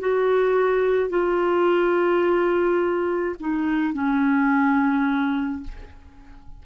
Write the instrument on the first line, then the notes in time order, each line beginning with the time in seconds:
clarinet
0.00 F#4
1.09 F4
3.40 D#4
3.94 C#4